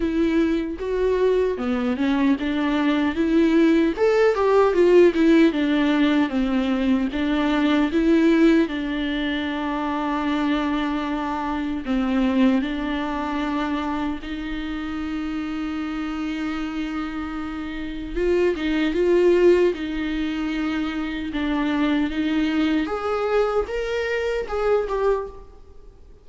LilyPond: \new Staff \with { instrumentName = "viola" } { \time 4/4 \tempo 4 = 76 e'4 fis'4 b8 cis'8 d'4 | e'4 a'8 g'8 f'8 e'8 d'4 | c'4 d'4 e'4 d'4~ | d'2. c'4 |
d'2 dis'2~ | dis'2. f'8 dis'8 | f'4 dis'2 d'4 | dis'4 gis'4 ais'4 gis'8 g'8 | }